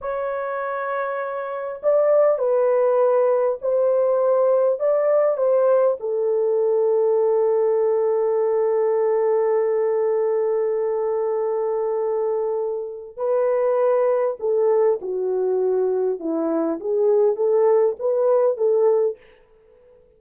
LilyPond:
\new Staff \with { instrumentName = "horn" } { \time 4/4 \tempo 4 = 100 cis''2. d''4 | b'2 c''2 | d''4 c''4 a'2~ | a'1~ |
a'1~ | a'2 b'2 | a'4 fis'2 e'4 | gis'4 a'4 b'4 a'4 | }